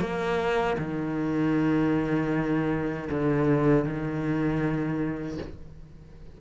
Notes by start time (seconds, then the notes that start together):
0.00 A#3
0.78 D#3
3.10 D3
3.84 D#3